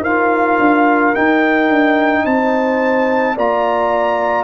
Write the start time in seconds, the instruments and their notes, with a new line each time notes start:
0.00 tuba D#4, trombone F4, horn A#4, trumpet F5
0.58 tuba D4
1.14 trombone D#4, tuba D#4, trumpet G5
1.69 tuba D4
2.24 tuba C4, horn C5, trumpet A5
3.35 tuba A#3, trombone F4, horn D5, trumpet A#5